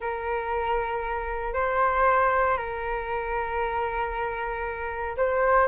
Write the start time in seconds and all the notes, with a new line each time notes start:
0.00 A#4
1.53 C5
2.57 A#4
5.17 C5